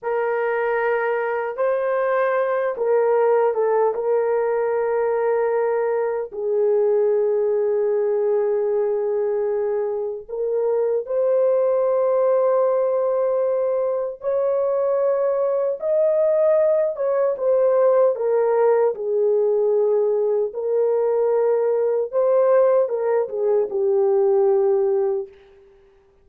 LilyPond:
\new Staff \with { instrumentName = "horn" } { \time 4/4 \tempo 4 = 76 ais'2 c''4. ais'8~ | ais'8 a'8 ais'2. | gis'1~ | gis'4 ais'4 c''2~ |
c''2 cis''2 | dis''4. cis''8 c''4 ais'4 | gis'2 ais'2 | c''4 ais'8 gis'8 g'2 | }